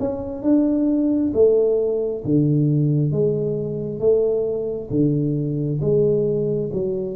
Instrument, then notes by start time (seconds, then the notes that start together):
tuba
0.00 C#4
0.43 D4
1.34 A3
2.25 D3
3.12 G#3
4.00 A3
4.91 D3
5.81 G#3
6.73 F#3